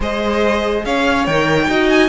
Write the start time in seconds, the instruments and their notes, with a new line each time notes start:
0.00 cello G#3, viola G#4, violin C5 D#5
0.85 cello C#4, violin C#5 F5
1.26 cello D#3, viola A#4, violin G5
1.67 cello D#4, viola F#4, violin D#5
1.89 violin G#5